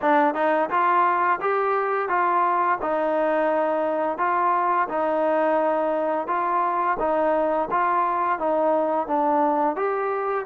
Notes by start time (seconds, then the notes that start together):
0.01 D4
0.34 D#4
0.70 F4
1.40 G4
2.08 F4
2.81 D#4
4.18 F4
4.88 D#4
6.27 F4
6.99 D#4
7.70 F4
8.38 D#4
9.07 D4
9.75 G4